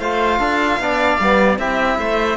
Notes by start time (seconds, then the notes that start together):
0.00 A3 F4 C5 F5
0.39 D4 A4
0.79 B3 D4 D5
1.20 G3 B3
1.59 C4 E4 G4 E5
1.99 A3 C5